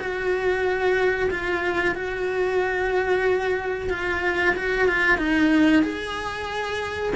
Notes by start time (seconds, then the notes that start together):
0.00 F#4
1.31 F4
1.95 F#4
3.90 F4
4.56 F#4
4.88 F4
5.18 D#4
5.83 G#4